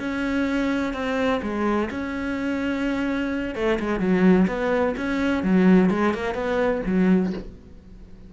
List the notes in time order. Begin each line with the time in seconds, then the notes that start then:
0.00 C#4
0.94 C4
1.43 G#3
1.91 C#4
3.55 A3
3.80 G#3
4.00 F#3
4.48 B3
4.97 C#4
5.44 F#3
5.91 G#3
6.14 A#3
6.35 B3
6.86 F#3